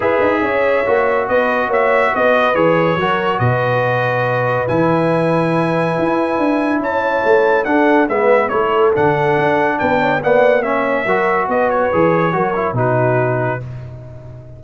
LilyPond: <<
  \new Staff \with { instrumentName = "trumpet" } { \time 4/4 \tempo 4 = 141 e''2. dis''4 | e''4 dis''4 cis''2 | dis''2. gis''4~ | gis''1 |
a''2 fis''4 e''4 | cis''4 fis''2 g''4 | fis''4 e''2 dis''8 cis''8~ | cis''2 b'2 | }
  \new Staff \with { instrumentName = "horn" } { \time 4/4 b'4 cis''2 b'4 | cis''4 b'2 ais'4 | b'1~ | b'1 |
cis''2 a'4 b'4 | a'2. b'8 cis''8 | d''4 cis''4 ais'4 b'4~ | b'4 ais'4 fis'2 | }
  \new Staff \with { instrumentName = "trombone" } { \time 4/4 gis'2 fis'2~ | fis'2 gis'4 fis'4~ | fis'2. e'4~ | e'1~ |
e'2 d'4 b4 | e'4 d'2. | b4 cis'4 fis'2 | gis'4 fis'8 e'8 dis'2 | }
  \new Staff \with { instrumentName = "tuba" } { \time 4/4 e'8 dis'8 cis'4 ais4 b4 | ais4 b4 e4 fis4 | b,2. e4~ | e2 e'4 d'4 |
cis'4 a4 d'4 gis4 | a4 d4 d'4 b4 | ais2 fis4 b4 | e4 fis4 b,2 | }
>>